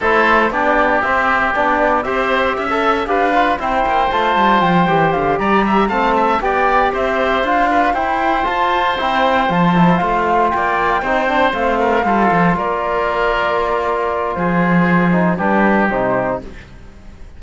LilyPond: <<
  \new Staff \with { instrumentName = "flute" } { \time 4/4 \tempo 4 = 117 c''4 d''4 e''4 d''4 | e''2 f''4 g''4 | a''4 g''4 f''8 ais''4 a''8~ | a''8 g''4 e''4 f''4 g''8~ |
g''8 a''4 g''4 a''4 f''8~ | f''8 g''2 f''4.~ | f''8 d''2.~ d''8 | c''2 b'4 c''4 | }
  \new Staff \with { instrumentName = "oboe" } { \time 4/4 a'4 g'2. | c''4 e''4 b'4 c''4~ | c''2~ c''8 d''8 e''8 f''8 | e''8 d''4 c''4. b'8 c''8~ |
c''1~ | c''8 d''4 c''4. ais'8 a'8~ | a'8 ais'2.~ ais'8 | gis'2 g'2 | }
  \new Staff \with { instrumentName = "trombone" } { \time 4/4 e'4 d'4 c'4 d'4 | g'4~ g'16 a'8. g'8 f'8 e'4 | f'4. g'2 c'8~ | c'8 g'2 f'4 e'8~ |
e'8 f'4 e'4 f'8 e'8 f'8~ | f'4. dis'8 d'8 c'4 f'8~ | f'1~ | f'4. dis'8 d'4 dis'4 | }
  \new Staff \with { instrumentName = "cello" } { \time 4/4 a4 b4 c'4 b4 | c'4 cis'4 d'4 c'8 ais8 | a8 g8 f8 e8 d8 g4 a8~ | a8 b4 c'4 d'4 e'8~ |
e'8 f'4 c'4 f4 a8~ | a8 ais4 c'4 a4 g8 | f8 ais2.~ ais8 | f2 g4 c4 | }
>>